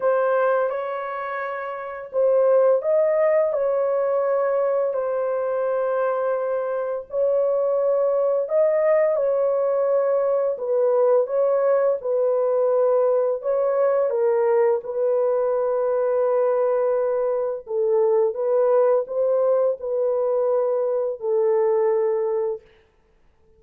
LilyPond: \new Staff \with { instrumentName = "horn" } { \time 4/4 \tempo 4 = 85 c''4 cis''2 c''4 | dis''4 cis''2 c''4~ | c''2 cis''2 | dis''4 cis''2 b'4 |
cis''4 b'2 cis''4 | ais'4 b'2.~ | b'4 a'4 b'4 c''4 | b'2 a'2 | }